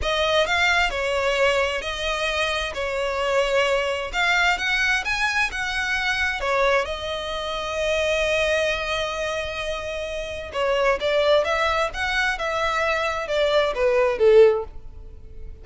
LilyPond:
\new Staff \with { instrumentName = "violin" } { \time 4/4 \tempo 4 = 131 dis''4 f''4 cis''2 | dis''2 cis''2~ | cis''4 f''4 fis''4 gis''4 | fis''2 cis''4 dis''4~ |
dis''1~ | dis''2. cis''4 | d''4 e''4 fis''4 e''4~ | e''4 d''4 b'4 a'4 | }